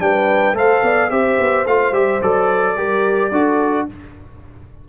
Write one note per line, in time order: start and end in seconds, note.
0.00 0.53 G3
0.00 0.56 D4
0.00 0.57 B4
0.00 0.57 G5
0.53 0.81 A3
0.53 1.11 A4
0.53 0.84 C5
0.53 1.11 F5
0.83 1.11 B3
0.83 1.12 D5
1.11 1.39 C4
1.11 1.66 G4
1.11 2.77 C5
1.11 1.66 E5
1.40 1.66 B3
1.66 1.92 A3
1.66 1.93 F4
1.66 1.94 F5
1.92 2.20 G3
1.92 2.21 G4
1.92 2.22 E5
2.22 2.77 F#3
2.22 2.77 A4
2.22 3.89 D5
2.77 3.32 G3
2.77 3.32 G4
2.77 3.32 A#4
3.32 3.88 D4
3.32 3.89 F#4
3.32 3.88 A4